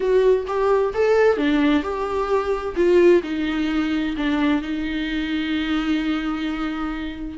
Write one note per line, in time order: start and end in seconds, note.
0.00 0.46 F#4
0.47 0.93 G4
0.94 1.37 A4
1.37 1.82 D4
1.82 2.75 G4
2.75 3.22 F4
3.23 4.15 D#4
4.16 4.62 D4
4.62 7.37 D#4